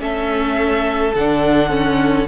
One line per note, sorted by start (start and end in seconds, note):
0.00 1.13 A3
0.00 1.13 C#4
0.00 2.28 A4
0.00 1.15 E5
1.15 2.28 D3
1.15 1.70 D4
1.15 2.28 F#5
1.70 2.26 C#4